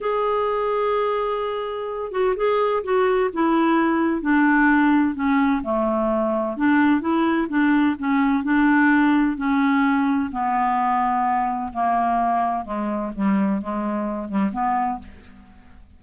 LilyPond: \new Staff \with { instrumentName = "clarinet" } { \time 4/4 \tempo 4 = 128 gis'1~ | gis'8 fis'8 gis'4 fis'4 e'4~ | e'4 d'2 cis'4 | a2 d'4 e'4 |
d'4 cis'4 d'2 | cis'2 b2~ | b4 ais2 gis4 | g4 gis4. g8 b4 | }